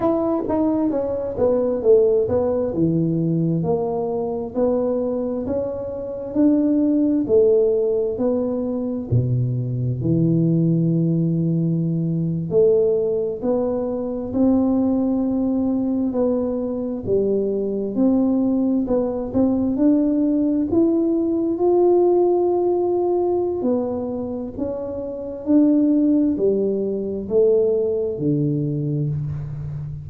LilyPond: \new Staff \with { instrumentName = "tuba" } { \time 4/4 \tempo 4 = 66 e'8 dis'8 cis'8 b8 a8 b8 e4 | ais4 b4 cis'4 d'4 | a4 b4 b,4 e4~ | e4.~ e16 a4 b4 c'16~ |
c'4.~ c'16 b4 g4 c'16~ | c'8. b8 c'8 d'4 e'4 f'16~ | f'2 b4 cis'4 | d'4 g4 a4 d4 | }